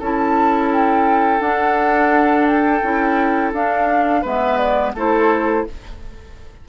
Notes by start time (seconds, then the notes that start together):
0.00 C#4 E4 A4 A5
0.72 G5
1.40 D4 F#5
2.46 G5
2.83 C#4 E4
3.53 D4 F5
4.22 G#3 B3 B4 E5
4.57 D5
4.94 A3 E4 A4 C5